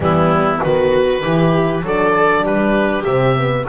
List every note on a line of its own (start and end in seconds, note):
0.00 0.60 E3
0.00 0.60 G3
0.00 0.63 B3
0.00 0.63 E4
0.60 1.24 D#3
0.60 1.21 B3
0.60 1.22 F#4
0.60 1.86 B4
1.22 1.81 E3
1.22 1.84 E4
1.22 1.83 G4
1.81 2.42 F#3
1.81 3.06 D4
1.81 2.42 A4
1.81 2.46 D5
2.42 3.04 G3
2.42 3.65 G4
2.42 3.03 B4
3.03 3.67 C3
3.03 3.36 C4
3.03 3.64 E5
3.36 3.67 B3